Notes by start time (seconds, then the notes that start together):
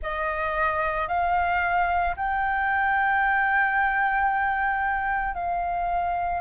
0.02 D#5
1.08 F5
2.16 G5
5.34 F5